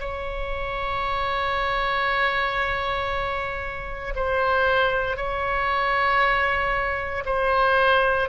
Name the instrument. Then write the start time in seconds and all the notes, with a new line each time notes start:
oboe
0.00 C#5
4.15 C5
5.17 C#5
7.26 C5